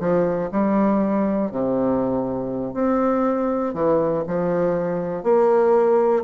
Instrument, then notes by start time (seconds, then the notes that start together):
bassoon
0.00 F3
0.52 G3
1.52 C3
2.74 C4
3.74 E3
4.28 F3
5.23 A#3